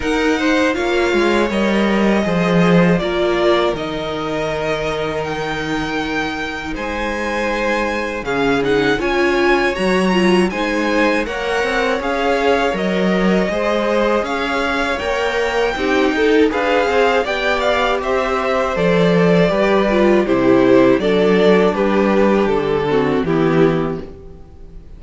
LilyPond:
<<
  \new Staff \with { instrumentName = "violin" } { \time 4/4 \tempo 4 = 80 fis''4 f''4 dis''2 | d''4 dis''2 g''4~ | g''4 gis''2 f''8 fis''8 | gis''4 ais''4 gis''4 fis''4 |
f''4 dis''2 f''4 | g''2 f''4 g''8 f''8 | e''4 d''2 c''4 | d''4 b'4 a'4 g'4 | }
  \new Staff \with { instrumentName = "violin" } { \time 4/4 ais'8 c''8 cis''2 c''4 | ais'1~ | ais'4 c''2 gis'4 | cis''2 c''4 cis''4~ |
cis''2 c''4 cis''4~ | cis''4 g'8 a'8 b'8 c''8 d''4 | c''2 b'4 g'4 | a'4 g'4. fis'8 e'4 | }
  \new Staff \with { instrumentName = "viola" } { \time 4/4 dis'4 f'4 ais'4 gis'4 | f'4 dis'2.~ | dis'2. cis'8 dis'8 | f'4 fis'8 f'8 dis'4 ais'4 |
gis'4 ais'4 gis'2 | ais'4 dis'4 gis'4 g'4~ | g'4 a'4 g'8 f'8 e'4 | d'2~ d'8 c'8 b4 | }
  \new Staff \with { instrumentName = "cello" } { \time 4/4 dis'4 ais8 gis8 g4 f4 | ais4 dis2.~ | dis4 gis2 cis4 | cis'4 fis4 gis4 ais8 c'8 |
cis'4 fis4 gis4 cis'4 | ais4 c'8 dis'8 d'8 c'8 b4 | c'4 f4 g4 c4 | fis4 g4 d4 e4 | }
>>